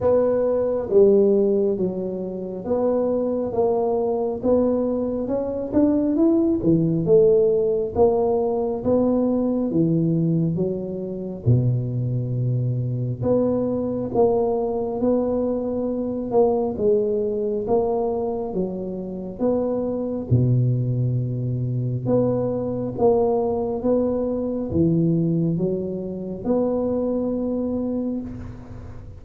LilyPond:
\new Staff \with { instrumentName = "tuba" } { \time 4/4 \tempo 4 = 68 b4 g4 fis4 b4 | ais4 b4 cis'8 d'8 e'8 e8 | a4 ais4 b4 e4 | fis4 b,2 b4 |
ais4 b4. ais8 gis4 | ais4 fis4 b4 b,4~ | b,4 b4 ais4 b4 | e4 fis4 b2 | }